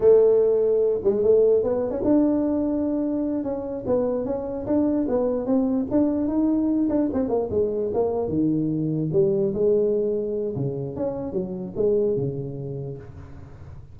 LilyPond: \new Staff \with { instrumentName = "tuba" } { \time 4/4 \tempo 4 = 148 a2~ a8 gis8 a4 | b8. cis'16 d'2.~ | d'8 cis'4 b4 cis'4 d'8~ | d'8 b4 c'4 d'4 dis'8~ |
dis'4 d'8 c'8 ais8 gis4 ais8~ | ais8 dis2 g4 gis8~ | gis2 cis4 cis'4 | fis4 gis4 cis2 | }